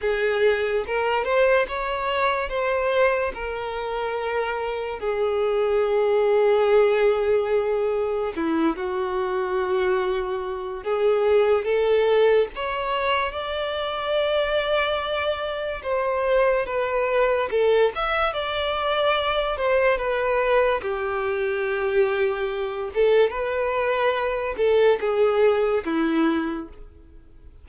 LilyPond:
\new Staff \with { instrumentName = "violin" } { \time 4/4 \tempo 4 = 72 gis'4 ais'8 c''8 cis''4 c''4 | ais'2 gis'2~ | gis'2 e'8 fis'4.~ | fis'4 gis'4 a'4 cis''4 |
d''2. c''4 | b'4 a'8 e''8 d''4. c''8 | b'4 g'2~ g'8 a'8 | b'4. a'8 gis'4 e'4 | }